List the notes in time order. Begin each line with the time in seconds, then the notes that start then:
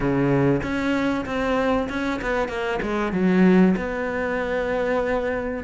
0.00 C#3
0.62 C#4
1.25 C4
1.89 C#4
2.21 B3
2.48 A#3
2.82 G#3
3.12 F#3
3.76 B3